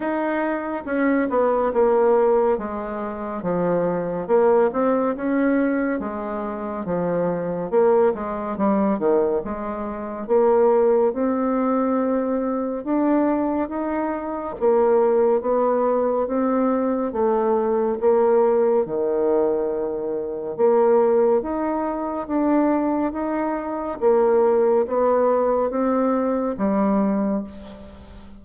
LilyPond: \new Staff \with { instrumentName = "bassoon" } { \time 4/4 \tempo 4 = 70 dis'4 cis'8 b8 ais4 gis4 | f4 ais8 c'8 cis'4 gis4 | f4 ais8 gis8 g8 dis8 gis4 | ais4 c'2 d'4 |
dis'4 ais4 b4 c'4 | a4 ais4 dis2 | ais4 dis'4 d'4 dis'4 | ais4 b4 c'4 g4 | }